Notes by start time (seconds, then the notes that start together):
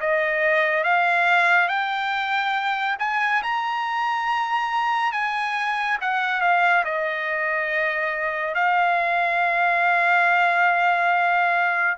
0.00 D#5
0.84 F5
1.68 G5
2.99 G#5
3.42 A#5
5.12 G#5
6.01 F#5
6.41 F5
6.84 D#5
8.54 F5